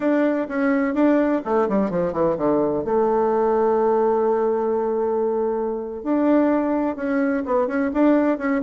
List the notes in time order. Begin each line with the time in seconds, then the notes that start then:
0.00 D4
0.48 C#4
0.94 D4
1.44 A3
1.68 G3
1.90 F3
2.12 E3
2.37 D3
2.84 A3
6.03 D4
6.96 C#4
7.45 B3
7.67 C#4
7.93 D4
8.38 C#4